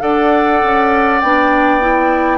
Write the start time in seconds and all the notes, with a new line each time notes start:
0.00 D4 A4 D5 F#5
0.64 C#4
1.21 B3 D4 G5
1.81 E4